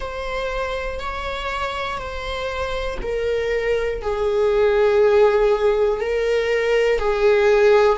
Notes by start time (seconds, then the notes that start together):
0.00 C5
0.99 C#5
1.97 C5
3.02 A#4
4.01 G#4
6.00 A#4
6.99 G#4